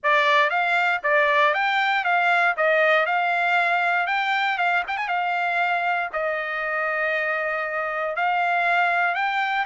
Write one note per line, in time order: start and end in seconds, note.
0.03 0.49 D5
0.49 1.00 F5
1.03 1.54 D5
1.54 2.04 G5
2.04 2.55 F5
2.57 3.06 D#5
3.06 4.07 F5
4.07 4.57 G5
4.58 4.83 F5
4.87 4.97 G5
4.97 5.08 G#5
5.08 6.09 F5
6.12 8.16 D#5
8.16 9.14 F5
9.14 9.65 G5